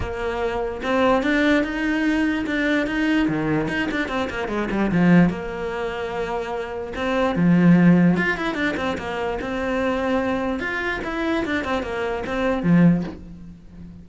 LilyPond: \new Staff \with { instrumentName = "cello" } { \time 4/4 \tempo 4 = 147 ais2 c'4 d'4 | dis'2 d'4 dis'4 | dis4 dis'8 d'8 c'8 ais8 gis8 g8 | f4 ais2.~ |
ais4 c'4 f2 | f'8 e'8 d'8 c'8 ais4 c'4~ | c'2 f'4 e'4 | d'8 c'8 ais4 c'4 f4 | }